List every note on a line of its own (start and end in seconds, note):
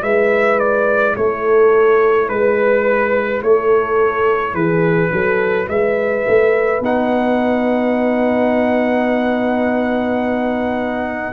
0.00 1.15 G#3
0.00 6.79 E4
0.00 1.15 B4
0.00 0.59 E5
0.59 1.15 D5
1.16 2.29 A3
1.16 2.28 A4
1.16 2.28 C#5
2.28 3.42 G#3
2.28 3.41 B4
2.28 3.42 B4
3.42 4.54 A3
3.42 4.53 A4
3.42 4.54 C#5
4.53 5.10 E3
4.53 5.10 G#4
4.53 5.68 B4
5.12 5.68 F#3
5.12 5.67 A4
5.67 6.25 G#3
5.67 11.33 B4
5.67 6.82 E5
6.27 6.80 A3
6.80 11.33 B3
6.80 11.33 D#4
6.80 11.33 F#5